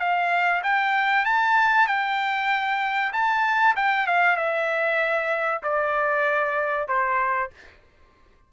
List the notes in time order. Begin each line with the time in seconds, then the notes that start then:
0.00 F5
0.64 G5
1.26 A5
1.88 G5
3.13 A5
3.76 G5
4.07 F5
4.37 E5
5.63 D5
6.88 C5